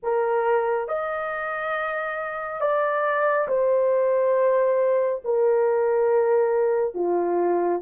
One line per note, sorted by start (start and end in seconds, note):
0.02 0.88 A#4
0.88 2.60 D#5
2.60 3.47 D5
3.48 5.22 C5
5.24 6.94 A#4
6.94 7.81 F4